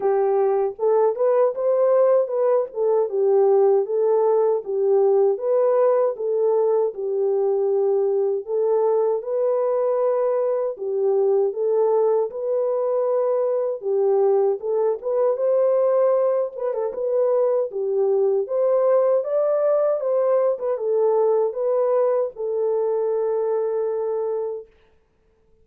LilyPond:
\new Staff \with { instrumentName = "horn" } { \time 4/4 \tempo 4 = 78 g'4 a'8 b'8 c''4 b'8 a'8 | g'4 a'4 g'4 b'4 | a'4 g'2 a'4 | b'2 g'4 a'4 |
b'2 g'4 a'8 b'8 | c''4. b'16 a'16 b'4 g'4 | c''4 d''4 c''8. b'16 a'4 | b'4 a'2. | }